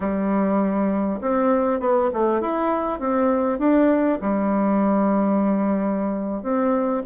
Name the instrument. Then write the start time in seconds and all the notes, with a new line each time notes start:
bassoon
0.00 G3
1.21 C4
1.80 B3
2.13 A3
2.41 E4
2.99 C4
3.58 D4
4.21 G3
6.43 C4